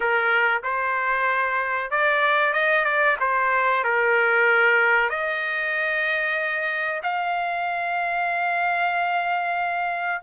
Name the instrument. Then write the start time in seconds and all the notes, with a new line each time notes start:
trumpet
0.00 A#4
0.63 C5
1.91 D5
2.53 D#5
2.84 D5
3.20 C5
3.84 A#4
5.09 D#5
7.02 F5